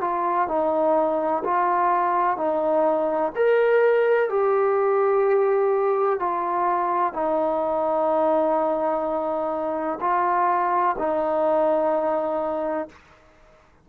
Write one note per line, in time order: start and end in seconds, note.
0.00 0.48 F4
0.48 1.43 D#4
1.44 2.36 F4
2.36 3.32 D#4
3.35 4.29 A#4
4.29 6.19 G4
6.19 7.13 F4
7.13 9.99 D#4
10.00 10.96 F4
10.98 12.88 D#4